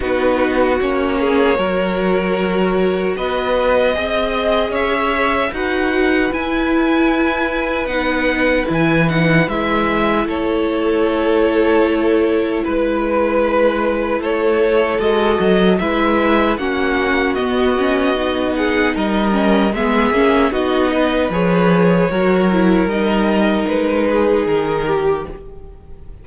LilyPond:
<<
  \new Staff \with { instrumentName = "violin" } { \time 4/4 \tempo 4 = 76 b'4 cis''2. | dis''2 e''4 fis''4 | gis''2 fis''4 gis''8 fis''8 | e''4 cis''2. |
b'2 cis''4 dis''4 | e''4 fis''4 dis''4. fis''8 | dis''4 e''4 dis''4 cis''4~ | cis''4 dis''4 b'4 ais'4 | }
  \new Staff \with { instrumentName = "violin" } { \time 4/4 fis'4. gis'8 ais'2 | b'4 dis''4 cis''4 b'4~ | b'1~ | b'4 a'2. |
b'2 a'2 | b'4 fis'2~ fis'8 gis'8 | ais'4 gis'4 fis'8 b'4. | ais'2~ ais'8 gis'4 g'8 | }
  \new Staff \with { instrumentName = "viola" } { \time 4/4 dis'4 cis'4 fis'2~ | fis'4 gis'2 fis'4 | e'2 dis'4 e'8 dis'8 | e'1~ |
e'2. fis'4 | e'4 cis'4 b8 cis'8 dis'4~ | dis'8 cis'8 b8 cis'8 dis'4 gis'4 | fis'8 e'8 dis'2. | }
  \new Staff \with { instrumentName = "cello" } { \time 4/4 b4 ais4 fis2 | b4 c'4 cis'4 dis'4 | e'2 b4 e4 | gis4 a2. |
gis2 a4 gis8 fis8 | gis4 ais4 b2 | g4 gis8 ais8 b4 f4 | fis4 g4 gis4 dis4 | }
>>